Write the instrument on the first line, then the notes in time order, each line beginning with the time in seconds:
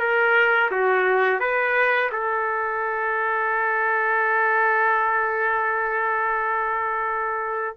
trumpet
0.00 A#4
0.72 F#4
1.40 B4
2.12 A4